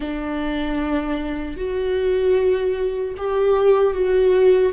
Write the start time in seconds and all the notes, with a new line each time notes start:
0.00 D4
1.56 F#4
3.17 G4
3.93 F#4